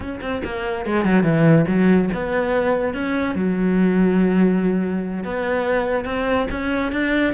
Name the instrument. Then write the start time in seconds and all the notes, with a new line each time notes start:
cello
0.00 C#4
0.21 C4
0.44 A#3
0.85 G#3
1.04 F#3
1.23 E3
1.67 F#3
2.13 B3
2.94 C#4
3.35 F#3
5.23 B3
6.04 C4
6.50 C#4
6.92 D4